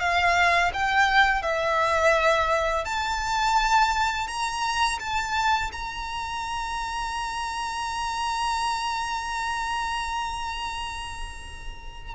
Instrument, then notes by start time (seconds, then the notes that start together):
violin
0.00 F5
0.73 G5
1.42 E5
2.85 A5
4.27 A#5
4.99 A5
5.72 A#5